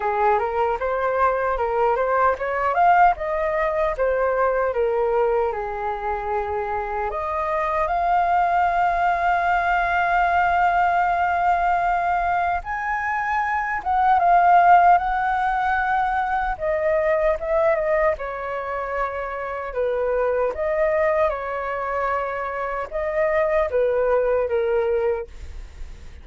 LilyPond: \new Staff \with { instrumentName = "flute" } { \time 4/4 \tempo 4 = 76 gis'8 ais'8 c''4 ais'8 c''8 cis''8 f''8 | dis''4 c''4 ais'4 gis'4~ | gis'4 dis''4 f''2~ | f''1 |
gis''4. fis''8 f''4 fis''4~ | fis''4 dis''4 e''8 dis''8 cis''4~ | cis''4 b'4 dis''4 cis''4~ | cis''4 dis''4 b'4 ais'4 | }